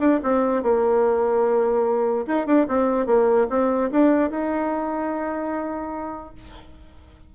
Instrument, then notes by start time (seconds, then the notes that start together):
bassoon
0.00 D4
0.24 C4
0.63 A#3
2.27 D#4
2.47 D4
2.69 C4
3.06 A#3
3.50 C4
3.91 D4
4.31 D#4